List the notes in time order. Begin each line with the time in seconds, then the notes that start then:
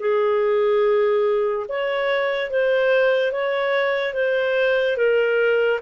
0.00 G#4
1.69 C#5
2.51 C5
3.33 C#5
4.14 C5
4.97 A#4